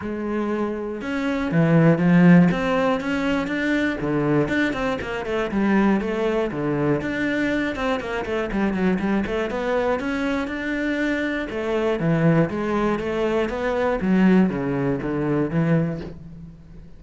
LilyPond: \new Staff \with { instrumentName = "cello" } { \time 4/4 \tempo 4 = 120 gis2 cis'4 e4 | f4 c'4 cis'4 d'4 | d4 d'8 c'8 ais8 a8 g4 | a4 d4 d'4. c'8 |
ais8 a8 g8 fis8 g8 a8 b4 | cis'4 d'2 a4 | e4 gis4 a4 b4 | fis4 cis4 d4 e4 | }